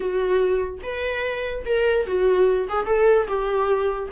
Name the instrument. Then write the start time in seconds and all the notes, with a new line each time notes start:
viola
0.00 F#4
0.82 B4
1.65 A#4
2.06 F#4
2.68 G#4
2.86 A4
3.27 G4